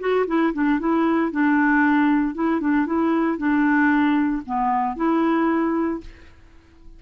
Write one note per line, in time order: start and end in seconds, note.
0.00 0.26 F#4
0.27 0.53 E4
0.53 0.79 D4
0.79 1.32 E4
1.32 2.35 D4
2.35 2.61 E4
2.61 2.87 D4
2.87 3.38 E4
3.38 4.43 D4
4.46 4.97 B3
4.97 6.01 E4